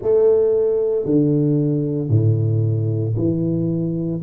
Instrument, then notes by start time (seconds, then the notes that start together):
tuba
0.02 A3
1.05 D3
2.09 A2
3.16 E3